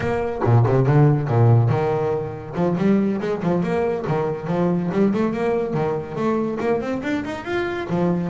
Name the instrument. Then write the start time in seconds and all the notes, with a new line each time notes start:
double bass
0.00 A#3
0.44 A#2
0.66 C3
0.86 D3
1.28 A#2
1.69 D#3
2.55 F3
2.77 G3
3.20 G#3
3.42 F3
3.62 A#3
4.07 D#3
4.47 F3
4.91 G3
5.13 A3
5.33 A#3
5.73 D#3
6.15 A3
6.60 A#3
6.80 C4
7.02 D4
7.24 D#4
7.44 F4
7.89 F3